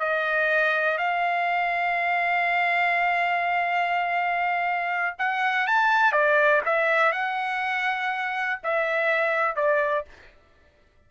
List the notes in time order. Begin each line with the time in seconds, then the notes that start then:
0.00 D#5
0.98 F5
5.19 F#5
5.67 A5
6.13 D5
6.66 E5
7.13 F#5
8.64 E5
9.56 D5